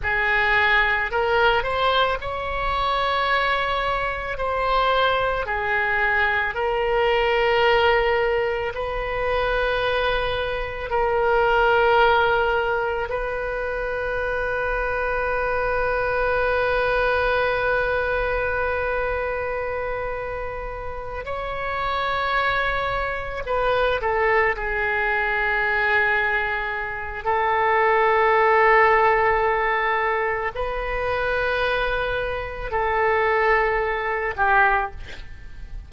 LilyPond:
\new Staff \with { instrumentName = "oboe" } { \time 4/4 \tempo 4 = 55 gis'4 ais'8 c''8 cis''2 | c''4 gis'4 ais'2 | b'2 ais'2 | b'1~ |
b'2.~ b'8 cis''8~ | cis''4. b'8 a'8 gis'4.~ | gis'4 a'2. | b'2 a'4. g'8 | }